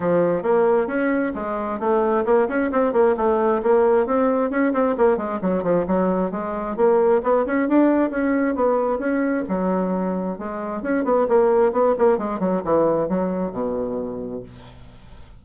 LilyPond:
\new Staff \with { instrumentName = "bassoon" } { \time 4/4 \tempo 4 = 133 f4 ais4 cis'4 gis4 | a4 ais8 cis'8 c'8 ais8 a4 | ais4 c'4 cis'8 c'8 ais8 gis8 | fis8 f8 fis4 gis4 ais4 |
b8 cis'8 d'4 cis'4 b4 | cis'4 fis2 gis4 | cis'8 b8 ais4 b8 ais8 gis8 fis8 | e4 fis4 b,2 | }